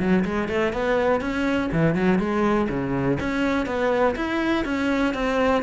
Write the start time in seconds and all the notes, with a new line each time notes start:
0.00 F#3
0.25 G#3
0.49 A3
0.73 B3
1.21 C#4
1.72 E3
1.95 F#3
2.19 G#3
2.69 C#3
3.20 C#4
3.66 B3
4.16 E4
4.65 C#4
5.14 C4